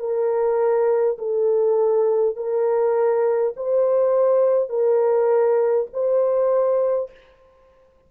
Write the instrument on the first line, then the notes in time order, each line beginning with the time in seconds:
horn
0.00 A#4
1.19 A4
2.36 A#4
3.57 C5
4.70 A#4
5.94 C5